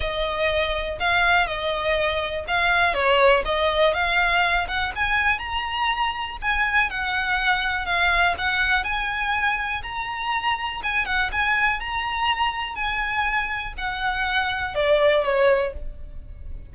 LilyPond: \new Staff \with { instrumentName = "violin" } { \time 4/4 \tempo 4 = 122 dis''2 f''4 dis''4~ | dis''4 f''4 cis''4 dis''4 | f''4. fis''8 gis''4 ais''4~ | ais''4 gis''4 fis''2 |
f''4 fis''4 gis''2 | ais''2 gis''8 fis''8 gis''4 | ais''2 gis''2 | fis''2 d''4 cis''4 | }